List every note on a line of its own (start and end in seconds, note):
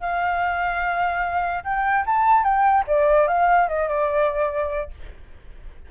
0.00 1.63 F5
1.64 2.05 G5
2.06 2.43 A5
2.43 2.84 G5
2.87 3.27 D5
3.27 3.68 F5
3.68 3.88 D#5
3.88 4.90 D5